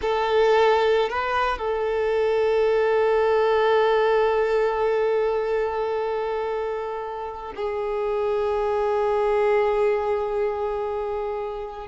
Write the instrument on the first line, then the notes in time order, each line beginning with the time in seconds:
violin
0.01 A4
1.09 B4
1.58 A4
7.55 G#4